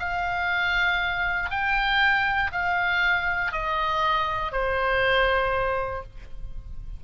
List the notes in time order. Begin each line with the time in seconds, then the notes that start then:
0.00 F5
1.51 G5
2.53 F5
3.53 D#5
4.52 C5